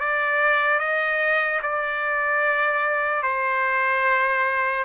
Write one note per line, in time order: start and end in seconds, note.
0.00 0.79 D5
0.79 1.60 D#5
1.63 3.23 D5
3.23 4.85 C5